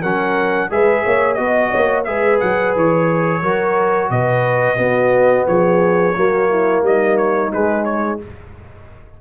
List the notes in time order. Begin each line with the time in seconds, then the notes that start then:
0.00 F#3 C#4 A#4 F#5
0.70 G#3 G#4 B4 E5
1.04 A#3 C#5
1.34 B3 F#4 D#5
1.71 A#3 C#5
2.04 G#3 G#4 B4 E5
2.40 F#3 F#5
2.75 E3 C#5
3.42 F#3 F#4 A#4
4.10 B2 B4 D#5
4.76 B3 F#4
5.47 F3 G#4 C#5
6.15 F#3 A#3 F#4
6.49 E4
6.82 G3 D#4 D#5
7.17 C#5
7.50 G#3 B4
7.84 C#5